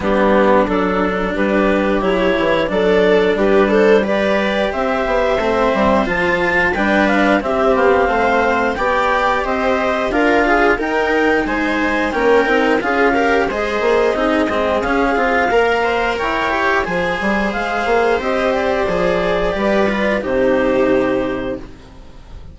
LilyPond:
<<
  \new Staff \with { instrumentName = "clarinet" } { \time 4/4 \tempo 4 = 89 g'4 a'4 b'4 cis''4 | d''4 b'8 c''8 d''4 e''4~ | e''4 a''4 g''8 f''8 e''8 f''8~ | f''4 g''4 dis''4 f''4 |
g''4 gis''4 g''4 f''4 | dis''2 f''2 | g''4 gis''4 f''4 dis''8 d''8~ | d''2 c''2 | }
  \new Staff \with { instrumentName = "viola" } { \time 4/4 d'2 g'2 | a'4 g'8 a'8 b'4 c''4~ | c''2 b'4 g'4 | c''4 d''4 c''4 ais'8 gis'8 |
ais'4 c''4 ais'4 gis'8 ais'8 | c''4 gis'2 ais'8 c''8 | cis''4 c''2.~ | c''4 b'4 g'2 | }
  \new Staff \with { instrumentName = "cello" } { \time 4/4 b4 d'2 e'4 | d'2 g'2 | c'4 f'4 d'4 c'4~ | c'4 g'2 f'4 |
dis'2 cis'8 dis'8 f'8 g'8 | gis'4 dis'8 c'8 cis'8 f'8 ais'4~ | ais'8 g'8 gis'2 g'4 | gis'4 g'8 f'8 dis'2 | }
  \new Staff \with { instrumentName = "bassoon" } { \time 4/4 g4 fis4 g4 fis8 e8 | fis4 g2 c'8 b8 | a8 g8 f4 g4 c'8 b8 | a4 b4 c'4 d'4 |
dis'4 gis4 ais8 c'8 cis'4 | gis8 ais8 c'8 gis8 cis'8 c'8 ais4 | e'4 f8 g8 gis8 ais8 c'4 | f4 g4 c2 | }
>>